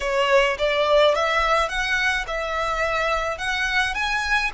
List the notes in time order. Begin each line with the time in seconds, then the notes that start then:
0.00 C#5
0.58 D5
1.14 E5
1.68 F#5
2.27 E5
3.38 F#5
3.94 G#5